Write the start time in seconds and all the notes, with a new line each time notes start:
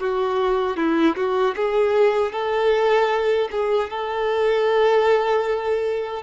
0.00 F#4
0.77 E4
1.16 F#4
1.56 G#4
2.32 A4
3.51 G#4
3.90 A4